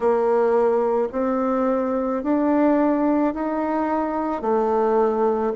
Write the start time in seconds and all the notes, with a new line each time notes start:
0.00 A#3
1.12 C4
2.23 D4
3.34 D#4
4.41 A3